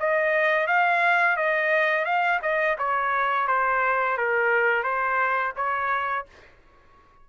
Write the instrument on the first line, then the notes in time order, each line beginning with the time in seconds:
trumpet
0.00 D#5
0.67 F5
1.36 D#5
2.05 F5
2.42 D#5
2.78 C#5
3.48 C5
4.17 A#4
4.83 C5
5.56 C#5